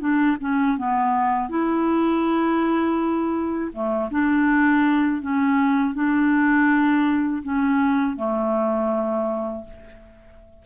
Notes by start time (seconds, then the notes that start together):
0.00 D4
0.41 C#4
0.78 B3
1.49 E4
3.73 A3
4.11 D4
5.22 C#4
5.95 D4
7.43 C#4
8.16 A3